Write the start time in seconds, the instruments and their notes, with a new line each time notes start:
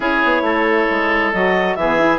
0.00 bassoon C#4, saxophone E4, oboe G#4, clarinet C#5
0.24 bassoon B3
0.41 bassoon A3, oboe A4
0.89 bassoon G#3
1.33 bassoon F#3, saxophone F#4, clarinet D#5
1.75 bassoon E3, saxophone B3, oboe G#4, clarinet E5
1.99 saxophone E4